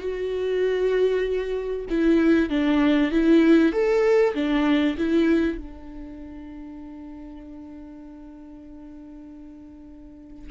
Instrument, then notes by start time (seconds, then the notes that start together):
viola
0.00 F#4
1.90 E4
2.49 D4
3.11 E4
3.72 A4
4.34 D4
4.98 E4
5.58 D4